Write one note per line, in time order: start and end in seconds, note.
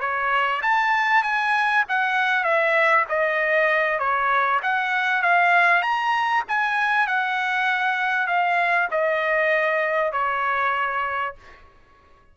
0.00 0.61 C#5
0.62 1.23 A5
1.23 1.84 G#5
1.89 2.44 F#5
2.44 3.05 E5
3.09 3.99 D#5
3.99 4.60 C#5
4.63 5.22 F#5
5.22 5.82 F5
5.82 6.43 A#5
6.48 7.07 G#5
7.07 8.27 F#5
8.27 8.88 F5
8.91 10.12 D#5
10.12 11.35 C#5